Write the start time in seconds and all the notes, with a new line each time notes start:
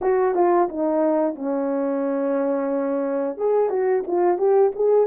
0.01 F#4
0.34 F4
0.68 D#4
1.35 C#4
3.37 G#4
3.69 F#4
4.07 F4
4.38 G4
4.75 G#4